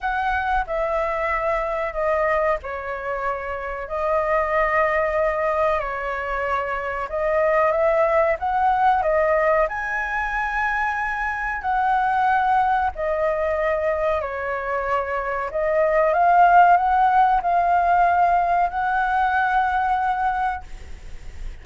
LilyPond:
\new Staff \with { instrumentName = "flute" } { \time 4/4 \tempo 4 = 93 fis''4 e''2 dis''4 | cis''2 dis''2~ | dis''4 cis''2 dis''4 | e''4 fis''4 dis''4 gis''4~ |
gis''2 fis''2 | dis''2 cis''2 | dis''4 f''4 fis''4 f''4~ | f''4 fis''2. | }